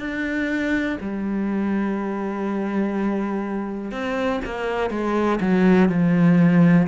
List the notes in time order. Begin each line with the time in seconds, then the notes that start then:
0.00 D4
1.01 G3
3.92 C4
4.45 A#3
4.90 G#3
5.41 F#3
5.90 F3